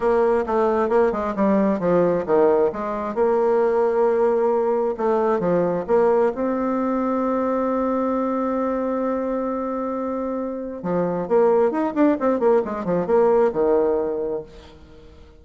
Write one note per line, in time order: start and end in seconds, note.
0.00 0.44 A#3
0.46 0.89 A3
0.89 1.12 A#3
1.12 1.34 G#3
1.35 1.79 G3
1.79 2.24 F3
2.26 2.71 D#3
2.72 3.14 G#3
3.14 4.95 A#3
4.97 5.39 A3
5.39 5.84 F3
5.87 6.32 A#3
6.34 10.82 C4
10.82 11.27 F3
11.28 11.71 A#3
11.71 11.93 D#4
11.94 12.17 D4
12.19 12.39 C4
12.39 12.62 A#3
12.65 12.84 G#3
12.84 13.06 F3
13.06 13.51 A#3
13.52 14.42 D#3